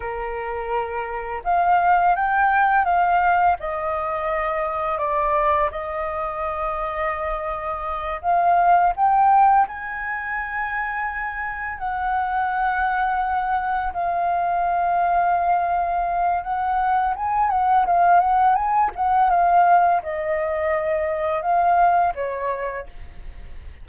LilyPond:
\new Staff \with { instrumentName = "flute" } { \time 4/4 \tempo 4 = 84 ais'2 f''4 g''4 | f''4 dis''2 d''4 | dis''2.~ dis''8 f''8~ | f''8 g''4 gis''2~ gis''8~ |
gis''8 fis''2. f''8~ | f''2. fis''4 | gis''8 fis''8 f''8 fis''8 gis''8 fis''8 f''4 | dis''2 f''4 cis''4 | }